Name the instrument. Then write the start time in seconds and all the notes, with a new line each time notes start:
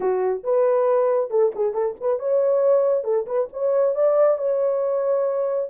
horn
0.00 F#4
0.43 B4
1.30 A4
1.55 G#4
1.73 A4
2.00 B4
2.19 C#5
3.04 A4
3.26 B4
3.52 C#5
3.95 D5
4.38 C#5